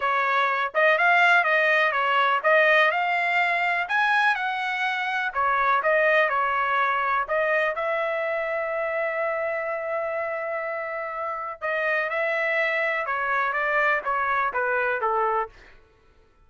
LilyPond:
\new Staff \with { instrumentName = "trumpet" } { \time 4/4 \tempo 4 = 124 cis''4. dis''8 f''4 dis''4 | cis''4 dis''4 f''2 | gis''4 fis''2 cis''4 | dis''4 cis''2 dis''4 |
e''1~ | e''1 | dis''4 e''2 cis''4 | d''4 cis''4 b'4 a'4 | }